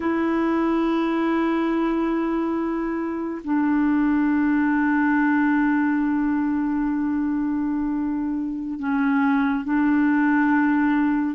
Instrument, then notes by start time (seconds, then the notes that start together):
clarinet
0.00 E4
3.44 D4
8.79 C#4
9.64 D4